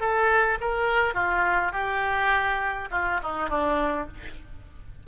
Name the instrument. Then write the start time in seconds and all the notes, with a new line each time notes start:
oboe
0.00 A4
0.61 A#4
1.14 F4
1.72 G4
2.91 F4
3.23 D#4
3.49 D4